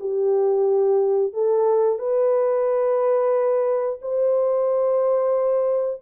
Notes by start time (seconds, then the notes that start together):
0.00 G4
1.33 A4
1.99 B4
4.02 C5